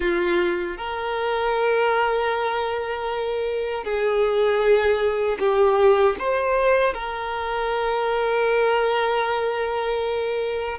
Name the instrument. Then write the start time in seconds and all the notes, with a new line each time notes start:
violin
0.00 F4
0.77 A#4
3.84 G#4
5.38 G4
6.18 C5
6.93 A#4